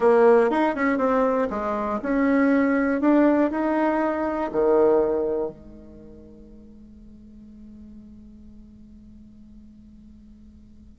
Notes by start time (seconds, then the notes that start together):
0.00 A#3
0.50 D#4
0.75 C#4
0.97 C4
1.50 G#3
2.02 C#4
3.00 D4
3.50 D#4
4.51 D#3
5.50 G#3